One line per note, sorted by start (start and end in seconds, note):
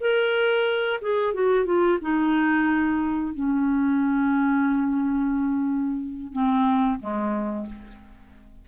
0.00 1.00 A#4
1.01 1.34 G#4
1.34 1.65 F#4
1.65 1.98 F4
2.01 3.34 D#4
3.34 6.32 C#4
6.32 6.99 C4
7.00 7.66 G#3